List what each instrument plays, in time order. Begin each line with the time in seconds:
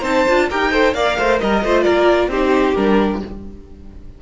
0.00 cello C4, viola D#4, violin C5 A5
0.28 cello D4, viola F4
0.49 cello D#4, viola G4, violin A#4 G5
0.71 viola A4, violin C5
0.93 cello A#3, viola A#4, violin D5 F5
1.18 cello A3, violin C5
1.40 cello G3, violin A#4 D#5
1.63 cello A3, viola F4, violin C5
1.82 cello A#3, violin A#4 D5
2.28 cello C4, viola D#4, violin G4 C5
2.74 cello G3, viola D4, violin A#4